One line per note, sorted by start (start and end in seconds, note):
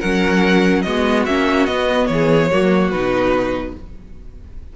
0.00 0.86 F#3
0.00 0.85 C#4
0.00 0.83 A#4
0.00 0.82 F#5
0.82 1.27 G#3
0.82 1.27 B3
0.82 2.08 F#4
0.82 1.23 D#5
1.26 1.68 A#3
1.26 1.68 C#4
1.26 1.66 E5
1.66 2.09 B3
1.66 2.51 B3
1.66 2.07 D#5
2.07 2.51 E3
2.07 2.89 C#5
2.13 2.52 G#4
2.52 2.92 F#3
2.52 2.93 A#3
2.52 3.76 F#4
2.91 3.74 B2
2.91 3.76 D#4
2.91 3.73 B4